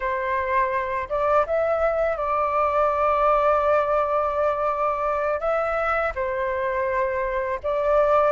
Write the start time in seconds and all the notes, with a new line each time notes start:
0.00 C5
1.09 D5
1.46 E5
2.16 D5
5.40 E5
6.15 C5
7.63 D5